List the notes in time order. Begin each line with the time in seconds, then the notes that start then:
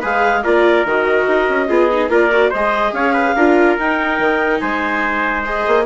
0.00 G#3 G#4 B4 F5
0.44 A#3 F4 A#4 D5
0.85 D#3 F#4 D#5
1.28 D#4
1.49 C#4
1.69 B3 F4 G#4
1.92 D#4
2.09 A#3 F4 A#4 D5
2.32 F#4
2.50 G#3 C5 D#5
2.56 G#4
2.93 C#4 C#5 F5
3.14 B4
3.36 D4 F4 A#4
3.78 D#4 G5
4.19 D#3
4.60 G#3 C5 G#5
5.45 G#4 D#5
5.68 A#3